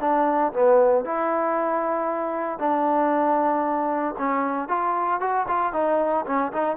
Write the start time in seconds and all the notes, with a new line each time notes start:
0.00 D4
0.53 B3
1.05 E4
2.59 D4
4.18 C#4
4.68 F4
5.20 F#4
5.48 F4
5.73 D#4
6.26 C#4
6.52 D#4